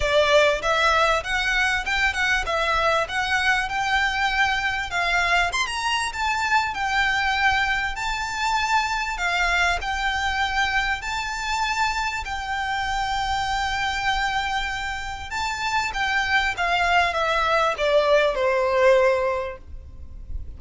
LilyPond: \new Staff \with { instrumentName = "violin" } { \time 4/4 \tempo 4 = 98 d''4 e''4 fis''4 g''8 fis''8 | e''4 fis''4 g''2 | f''4 c'''16 ais''8. a''4 g''4~ | g''4 a''2 f''4 |
g''2 a''2 | g''1~ | g''4 a''4 g''4 f''4 | e''4 d''4 c''2 | }